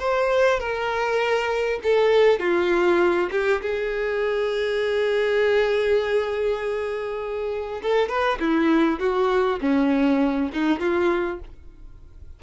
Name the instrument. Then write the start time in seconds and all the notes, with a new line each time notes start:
violin
0.00 C5
0.60 A#4
1.83 A4
2.40 F4
3.31 G4
3.62 G#4
7.82 A4
8.09 B4
8.40 E4
9.00 F#4
9.61 C#4
10.53 D#4
10.80 F4